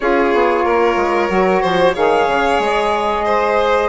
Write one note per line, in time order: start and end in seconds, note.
0.00 0.33 C#4
0.00 1.28 F4
0.00 0.65 G#4
0.00 1.95 C#5
0.33 0.64 B3
0.64 0.96 A#3
0.64 1.62 A#4
0.96 1.28 G#3
1.28 1.62 F#3
1.28 1.93 F#4
1.62 1.96 F3
1.62 1.94 C5
1.94 2.27 D#3
1.94 3.88 G#4
1.94 3.24 C#5
1.94 2.60 F5
2.27 2.58 C#3
2.58 3.88 G#3
2.58 3.88 D#5
3.25 3.88 C5